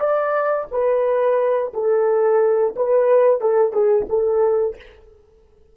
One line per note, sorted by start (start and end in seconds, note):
0.00 0.67 D5
0.72 1.73 B4
1.74 2.75 A4
2.76 3.41 B4
3.41 3.73 A4
3.73 4.07 G#4
4.10 4.77 A4